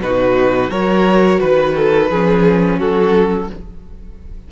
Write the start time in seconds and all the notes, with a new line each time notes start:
0.00 B2 D#4 F#4 B4
0.70 F#3 F#4 A#4 C#5
1.40 D#3 B4
1.76 A4
2.11 F3 C#4 G#4
2.78 F#3 F#4 A4